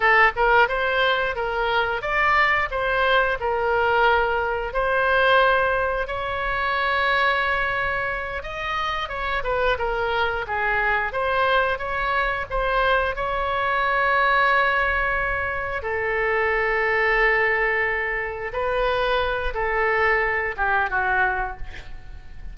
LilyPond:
\new Staff \with { instrumentName = "oboe" } { \time 4/4 \tempo 4 = 89 a'8 ais'8 c''4 ais'4 d''4 | c''4 ais'2 c''4~ | c''4 cis''2.~ | cis''8 dis''4 cis''8 b'8 ais'4 gis'8~ |
gis'8 c''4 cis''4 c''4 cis''8~ | cis''2.~ cis''8 a'8~ | a'2.~ a'8 b'8~ | b'4 a'4. g'8 fis'4 | }